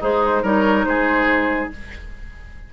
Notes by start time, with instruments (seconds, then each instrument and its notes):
0.00 bassoon G#3, oboe D#4, clarinet G#4, flute C5
0.42 bassoon G3, clarinet D#4, oboe A#4, flute C#5
0.85 bassoon G#3, oboe G#4, flute C5